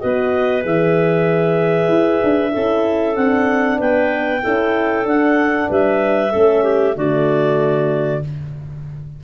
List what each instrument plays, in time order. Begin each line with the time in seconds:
0.00 tuba B3, horn F#4, clarinet B4 D#5
0.62 tuba E3, horn G#4, clarinet E5
1.89 tuba E4
2.23 tuba D4
2.53 tuba C#4, horn E4, clarinet A4
3.16 tuba C4, horn D4, clarinet F#5
3.78 tuba B3, clarinet B4 G5
4.43 tuba C#4, horn E4, clarinet A4
5.05 tuba D4, horn D4, clarinet F#5
5.69 tuba G3, clarinet B4 E5
6.32 tuba A3, horn C#4, clarinet A4
6.63 clarinet G4
6.96 tuba D3, horn A3, clarinet F#4 D5